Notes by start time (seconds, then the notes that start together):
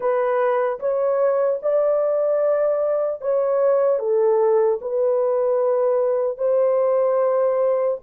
0.00 B4
0.79 C#5
1.62 D5
3.21 C#5
3.99 A4
4.81 B4
6.37 C5